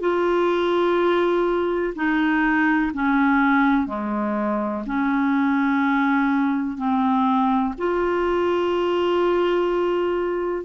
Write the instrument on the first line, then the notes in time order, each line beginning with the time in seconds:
clarinet
0.00 F4
1.95 D#4
2.94 C#4
3.87 G#3
4.87 C#4
6.77 C4
7.78 F4